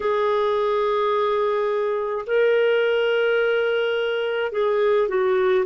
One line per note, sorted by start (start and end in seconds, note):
0.00 2.25 G#4
2.26 4.52 A#4
4.52 5.08 G#4
5.08 5.64 F#4